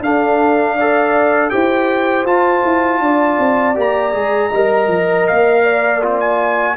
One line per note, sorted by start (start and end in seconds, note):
0.00 1.50 D4
0.00 0.78 D4
0.00 0.75 A4
0.00 1.50 F5
0.75 1.51 A4
0.75 1.50 D5
1.50 2.24 E4
1.50 2.26 G4
1.50 3.02 C5
1.50 2.25 G5
2.24 2.62 F4
2.24 3.75 F4
2.24 3.77 A5
2.64 3.00 E4
3.00 3.38 D4
3.00 4.49 D5
3.39 3.76 C4
3.75 4.14 A#3
3.75 4.12 G4
3.75 5.27 A#5
4.13 4.51 G#3
4.13 4.50 G#4
4.49 4.87 G3
4.49 6.02 A#4
4.49 5.62 D#5
4.87 5.25 F3
5.27 6.77 A#3
5.27 6.02 F5
5.63 6.76 D5
6.02 6.20 C4
6.02 6.77 F4
6.20 6.77 G#5